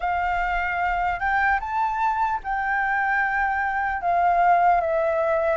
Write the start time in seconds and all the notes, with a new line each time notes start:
0.00 F5
1.19 G5
1.60 A5
2.43 G5
4.01 F5
4.80 E5